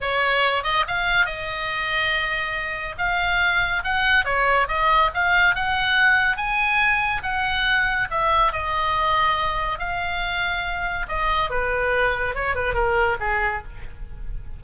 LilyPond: \new Staff \with { instrumentName = "oboe" } { \time 4/4 \tempo 4 = 141 cis''4. dis''8 f''4 dis''4~ | dis''2. f''4~ | f''4 fis''4 cis''4 dis''4 | f''4 fis''2 gis''4~ |
gis''4 fis''2 e''4 | dis''2. f''4~ | f''2 dis''4 b'4~ | b'4 cis''8 b'8 ais'4 gis'4 | }